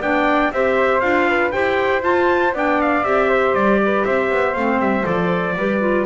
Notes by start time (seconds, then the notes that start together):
0.00 B3 D4 D5 G5
0.51 C4 G4 C5 E5
1.00 D4 F4 F5
1.28 B4
1.52 E4 G4 C5 G5
2.02 F4 A5
2.53 B3 D4 D5 G5
2.82 F5
3.03 C4 G4 E5
3.29 C5
3.54 G3 D5
3.85 B4
4.05 C4 C5 E5
4.30 B3
4.54 A3 C4 F5
4.79 G3 E5
5.03 F3 A4 D5
5.55 G3 G4 B4
5.80 F4